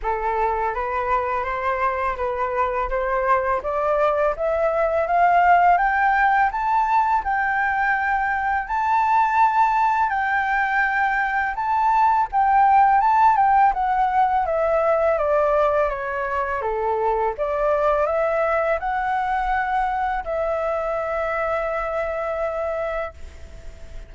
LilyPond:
\new Staff \with { instrumentName = "flute" } { \time 4/4 \tempo 4 = 83 a'4 b'4 c''4 b'4 | c''4 d''4 e''4 f''4 | g''4 a''4 g''2 | a''2 g''2 |
a''4 g''4 a''8 g''8 fis''4 | e''4 d''4 cis''4 a'4 | d''4 e''4 fis''2 | e''1 | }